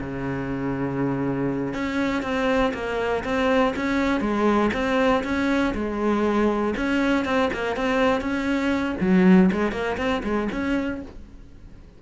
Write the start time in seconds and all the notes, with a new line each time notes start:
0.00 C#3
1.74 C#4
2.23 C4
2.74 A#3
3.24 C4
3.76 C#4
4.20 G#3
4.73 C4
5.24 C#4
5.74 G#3
6.77 C#4
7.25 C4
7.53 A#3
7.76 C4
8.21 C#4
9.01 F#3
9.52 G#3
9.72 A#3
9.97 C4
10.23 G#3
10.52 C#4